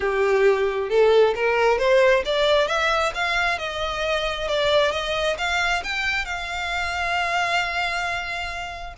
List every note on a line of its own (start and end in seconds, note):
0.00 0.89 G4
0.89 1.34 A4
1.35 1.78 A#4
1.78 2.23 C5
2.25 2.67 D5
2.67 3.12 E5
3.14 3.58 F5
3.58 4.48 D#5
4.48 4.91 D5
4.91 5.36 D#5
5.38 5.82 F5
5.83 6.25 G5
6.25 8.93 F5